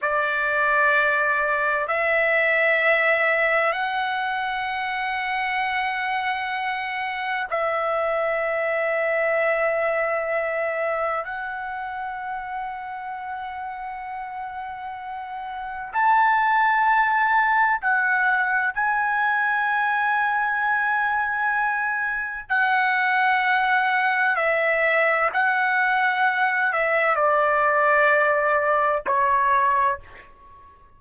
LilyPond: \new Staff \with { instrumentName = "trumpet" } { \time 4/4 \tempo 4 = 64 d''2 e''2 | fis''1 | e''1 | fis''1~ |
fis''4 a''2 fis''4 | gis''1 | fis''2 e''4 fis''4~ | fis''8 e''8 d''2 cis''4 | }